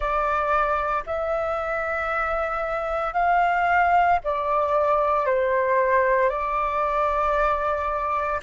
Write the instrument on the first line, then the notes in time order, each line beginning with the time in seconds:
flute
0.00 D5
1.06 E5
3.13 F5
4.23 D5
5.26 C5
6.29 D5